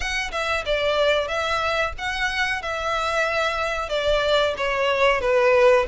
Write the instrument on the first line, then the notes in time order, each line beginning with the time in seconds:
violin
0.00 F#5
0.31 E5
0.65 D5
1.27 E5
1.97 F#5
2.61 E5
3.89 D5
4.57 C#5
5.21 B4